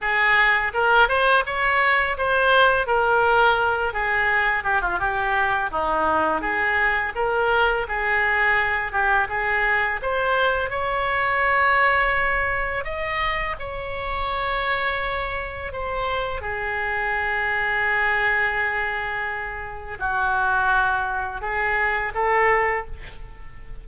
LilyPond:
\new Staff \with { instrumentName = "oboe" } { \time 4/4 \tempo 4 = 84 gis'4 ais'8 c''8 cis''4 c''4 | ais'4. gis'4 g'16 f'16 g'4 | dis'4 gis'4 ais'4 gis'4~ | gis'8 g'8 gis'4 c''4 cis''4~ |
cis''2 dis''4 cis''4~ | cis''2 c''4 gis'4~ | gis'1 | fis'2 gis'4 a'4 | }